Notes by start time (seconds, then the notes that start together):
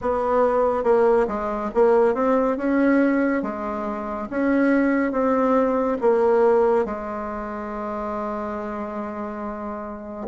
0.01 B3
0.83 A#3
1.27 G#3
1.74 A#3
2.14 C4
2.57 C#4
3.42 G#3
4.30 C#4
5.12 C4
6.01 A#3
6.85 G#3